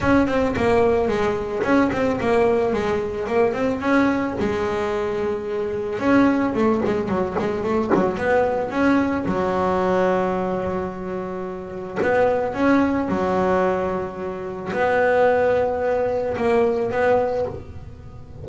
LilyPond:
\new Staff \with { instrumentName = "double bass" } { \time 4/4 \tempo 4 = 110 cis'8 c'8 ais4 gis4 cis'8 c'8 | ais4 gis4 ais8 c'8 cis'4 | gis2. cis'4 | a8 gis8 fis8 gis8 a8 fis8 b4 |
cis'4 fis2.~ | fis2 b4 cis'4 | fis2. b4~ | b2 ais4 b4 | }